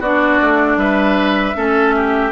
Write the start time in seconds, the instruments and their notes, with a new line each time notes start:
0.00 bassoon B3, clarinet D4, oboe F#4, flute D5
0.41 bassoon A3
0.76 bassoon G3, oboe B4, flute E5
1.54 bassoon A3, clarinet C#4, oboe A4
1.95 oboe G4